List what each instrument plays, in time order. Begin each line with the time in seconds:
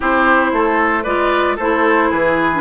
0.00 bassoon C4, clarinet E4, oboe G4, flute C5
0.52 bassoon A3, oboe A4
1.03 bassoon G#3, clarinet F4, oboe B4, flute D5
1.56 bassoon A3, clarinet E4, oboe A4, flute C5
2.09 bassoon E3, oboe G#4, flute B4
2.52 clarinet D4